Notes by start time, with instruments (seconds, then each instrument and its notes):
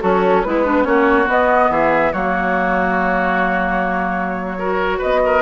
0.00 bassoon F#3, oboe C#4, clarinet F#4, flute A4
0.43 bassoon G#3, oboe B3, clarinet E4, flute B4
0.65 clarinet D4
0.83 bassoon A#3, clarinet C#4, oboe F#4, flute C#5
1.27 bassoon B3, clarinet B3, flute D#5
1.70 bassoon E3, oboe G#4, flute E5
2.12 bassoon F#3, clarinet A#3, oboe F#4, flute C#5
4.58 clarinet F#4, oboe A#4
4.98 bassoon B3, oboe B4, flute D#5
5.25 oboe A#4